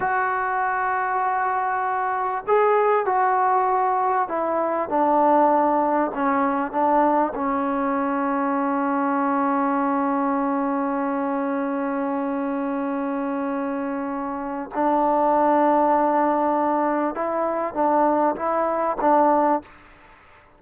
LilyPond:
\new Staff \with { instrumentName = "trombone" } { \time 4/4 \tempo 4 = 98 fis'1 | gis'4 fis'2 e'4 | d'2 cis'4 d'4 | cis'1~ |
cis'1~ | cis'1 | d'1 | e'4 d'4 e'4 d'4 | }